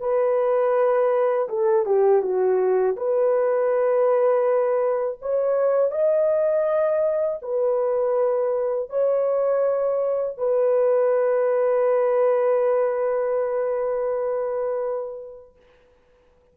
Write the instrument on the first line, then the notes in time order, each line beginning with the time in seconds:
horn
0.00 B4
1.49 A4
1.86 G4
2.22 F#4
2.96 B4
5.22 C#5
5.91 D#5
7.42 B4
8.90 C#5
10.37 B4